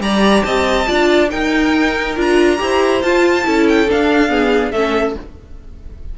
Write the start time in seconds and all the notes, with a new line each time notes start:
0.00 G3 G4 D5 A#5
0.43 C4 D#5 A5
0.87 D4 F4 D5
1.30 D#4 A#4 G5
2.16 D4 F4 A#5
2.58 E4 G4 C5
3.02 F4 A5
3.44 C#4 E4 A4
3.69 G5
3.89 D4 F5
4.29 B3 G#4
4.71 A3 C#4 A4 E5